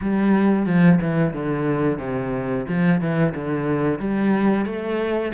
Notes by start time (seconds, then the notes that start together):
0.01 G3
0.66 F3
1.01 E3
1.33 D3
1.98 C3
2.68 F3
3.00 E3
3.35 D3
3.99 G3
4.65 A3